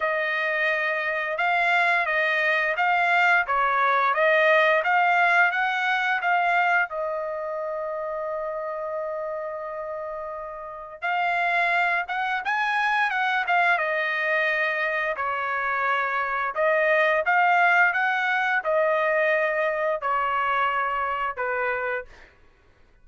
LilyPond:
\new Staff \with { instrumentName = "trumpet" } { \time 4/4 \tempo 4 = 87 dis''2 f''4 dis''4 | f''4 cis''4 dis''4 f''4 | fis''4 f''4 dis''2~ | dis''1 |
f''4. fis''8 gis''4 fis''8 f''8 | dis''2 cis''2 | dis''4 f''4 fis''4 dis''4~ | dis''4 cis''2 b'4 | }